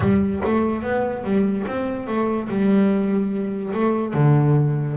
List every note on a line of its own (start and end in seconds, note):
0.00 0.42 G3
0.44 0.82 A3
0.82 1.24 B3
1.24 1.65 G3
1.67 2.07 C4
2.07 2.48 A3
2.48 3.72 G3
3.73 4.13 A3
4.13 4.96 D3